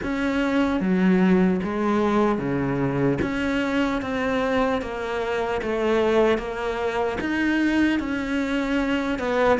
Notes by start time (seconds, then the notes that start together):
0.02 C#4
0.80 F#3
1.63 G#3
2.38 C#3
3.21 C#4
4.01 C4
4.81 A#3
5.61 A3
6.37 A#3
7.20 D#4
7.99 C#4
9.18 B3